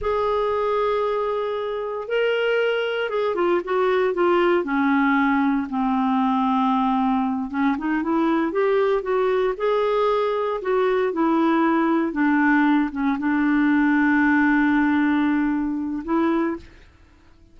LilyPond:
\new Staff \with { instrumentName = "clarinet" } { \time 4/4 \tempo 4 = 116 gis'1 | ais'2 gis'8 f'8 fis'4 | f'4 cis'2 c'4~ | c'2~ c'8 cis'8 dis'8 e'8~ |
e'8 g'4 fis'4 gis'4.~ | gis'8 fis'4 e'2 d'8~ | d'4 cis'8 d'2~ d'8~ | d'2. e'4 | }